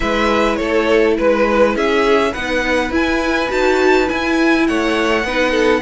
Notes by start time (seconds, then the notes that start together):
0.00 G#3 E4 B4 E5
0.56 A3 A4 C#5
1.18 G#3 B4
1.75 C#4 G#4 E5
2.31 B3 D#4 B4 F#5
2.90 E4 G#5
3.49 D#4 F#4 A5
4.07 E4 G#5
4.67 A3 C#5 F#5
5.24 B3 D#4 B4
5.50 A4